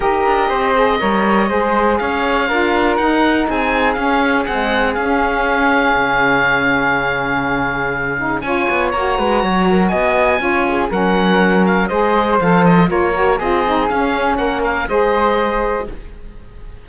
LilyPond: <<
  \new Staff \with { instrumentName = "oboe" } { \time 4/4 \tempo 4 = 121 dis''1 | f''2 fis''4 gis''4 | f''4 fis''4 f''2~ | f''1~ |
f''4 gis''4 ais''2 | gis''2 fis''4. f''8 | dis''4 f''8 dis''8 cis''4 dis''4 | f''4 fis''8 f''8 dis''2 | }
  \new Staff \with { instrumentName = "flute" } { \time 4/4 ais'4 c''4 cis''4 c''4 | cis''4 ais'2 gis'4~ | gis'1~ | gis'1~ |
gis'4 cis''4. b'8 cis''8 ais'8 | dis''4 cis''8 gis'8 ais'2 | c''2 ais'4 gis'4~ | gis'4 ais'4 c''2 | }
  \new Staff \with { instrumentName = "saxophone" } { \time 4/4 g'4. gis'8 ais'4 gis'4~ | gis'4 f'4 dis'2 | cis'4 gis4 cis'2~ | cis'1~ |
cis'8 dis'8 f'4 fis'2~ | fis'4 f'4 cis'2 | gis'4 a'4 f'8 fis'8 f'8 dis'8 | cis'2 gis'2 | }
  \new Staff \with { instrumentName = "cello" } { \time 4/4 dis'8 d'8 c'4 g4 gis4 | cis'4 d'4 dis'4 c'4 | cis'4 c'4 cis'2 | cis1~ |
cis4 cis'8 b8 ais8 gis8 fis4 | b4 cis'4 fis2 | gis4 f4 ais4 c'4 | cis'4 ais4 gis2 | }
>>